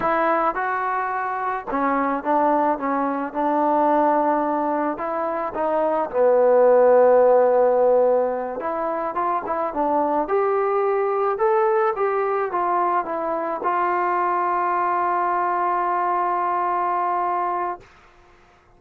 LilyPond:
\new Staff \with { instrumentName = "trombone" } { \time 4/4 \tempo 4 = 108 e'4 fis'2 cis'4 | d'4 cis'4 d'2~ | d'4 e'4 dis'4 b4~ | b2.~ b8 e'8~ |
e'8 f'8 e'8 d'4 g'4.~ | g'8 a'4 g'4 f'4 e'8~ | e'8 f'2.~ f'8~ | f'1 | }